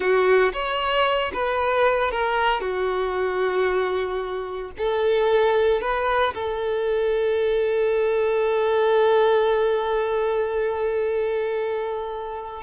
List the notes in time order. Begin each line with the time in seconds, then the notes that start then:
0.00 F#4
0.52 C#5
1.33 B4
2.11 A#4
2.61 F#4
4.78 A4
5.81 B4
6.34 A4